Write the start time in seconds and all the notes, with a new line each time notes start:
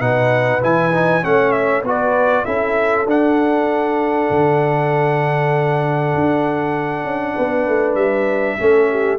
0.00 B2 D#4 B4 F#5
0.61 E3 E4 G#5
0.91 D#4
1.22 A3 C#4 C#5 F#5
1.51 E5
1.83 B3 F#4 B4 D5
2.45 C#4 E4 A4 E5
3.05 D4 F#5
4.30 D3
6.14 D4
7.03 C#4
7.35 B3 B4
7.67 A3
7.95 G3 E5
8.59 A3 C#4 A4
8.90 G4